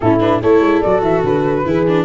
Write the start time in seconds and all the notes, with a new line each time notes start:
0.00 A2 C#4 E4 A4
0.20 D4 B4
0.41 A3 E4 A4 C#5
0.60 G#3
0.81 F#3 F#4 D5
1.01 E3 E5
1.23 D3 B4
1.65 E3 E4 G#4
1.87 D4